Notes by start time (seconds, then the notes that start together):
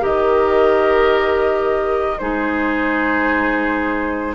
0.00 D#3 G4 A#4 D#5
2.18 G#3 D#4 G#4 C5